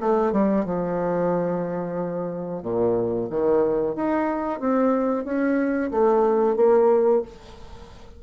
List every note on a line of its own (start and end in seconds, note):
0.00 0.32 A3
0.32 0.65 G3
0.65 2.63 F3
2.63 3.28 A#2
3.30 3.95 D#3
3.95 4.60 D#4
4.60 5.24 C4
5.24 5.90 C#4
5.91 6.56 A3
6.56 7.22 A#3